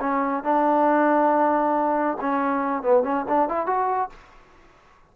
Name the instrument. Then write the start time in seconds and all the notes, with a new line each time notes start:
trombone
0.00 C#4
0.43 D4
2.21 C#4
2.82 B3
3.03 C#4
3.28 D4
3.49 E4
3.66 F#4